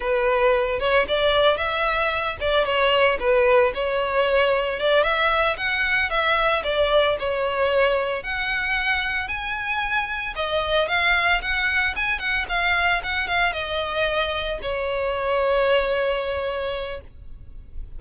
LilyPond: \new Staff \with { instrumentName = "violin" } { \time 4/4 \tempo 4 = 113 b'4. cis''8 d''4 e''4~ | e''8 d''8 cis''4 b'4 cis''4~ | cis''4 d''8 e''4 fis''4 e''8~ | e''8 d''4 cis''2 fis''8~ |
fis''4. gis''2 dis''8~ | dis''8 f''4 fis''4 gis''8 fis''8 f''8~ | f''8 fis''8 f''8 dis''2 cis''8~ | cis''1 | }